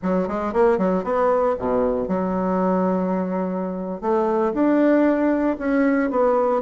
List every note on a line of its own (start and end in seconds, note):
0.02 0.28 F#3
0.28 0.53 G#3
0.53 0.78 A#3
0.78 1.03 F#3
1.03 1.55 B3
1.58 2.08 B2
2.08 4.01 F#3
4.01 4.53 A3
4.54 5.57 D4
5.58 6.10 C#4
6.10 6.61 B3